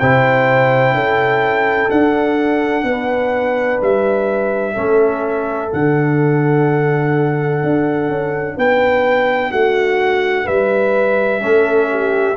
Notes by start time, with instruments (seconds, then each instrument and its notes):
0.00 tuba C3, trombone E4, horn C5, trumpet G5
0.92 tuba C#4, horn A4
1.90 trombone D4, tuba D4, trumpet F#5
2.84 tuba B3, horn B4
3.82 tuba G3, trumpet E5
4.75 tuba A3, trombone C#4, horn A4
5.69 tuba D3, trombone D4, trumpet F#5
7.63 tuba D4
8.09 tuba C#4
8.57 tuba B3, horn B4, trumpet G5
9.51 tuba A3, horn F#4, trumpet F#5
10.45 tuba G3, horn B4, trumpet E5
11.40 tuba A3, trombone C#4, horn A4
11.90 horn G4